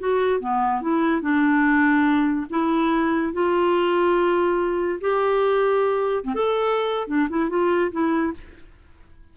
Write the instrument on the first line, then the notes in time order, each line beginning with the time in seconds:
clarinet
0.00 F#4
0.41 B3
0.82 E4
1.22 D4
2.50 E4
3.33 F4
5.01 G4
6.24 C4
6.35 A4
7.08 D4
7.30 E4
7.50 F4
7.92 E4